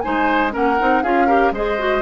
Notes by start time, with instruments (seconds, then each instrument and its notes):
0.00 bassoon G#3, clarinet D#4, oboe C5, flute G#5
0.51 bassoon A#3, clarinet C#4, oboe A#4, flute F#5
0.79 bassoon C4, clarinet D#4
1.02 bassoon C#4, clarinet F4, oboe G#4, flute F5
1.26 clarinet G4, oboe A#4
1.51 bassoon G#3, clarinet G#4, oboe C5, flute D#5
1.78 clarinet F#4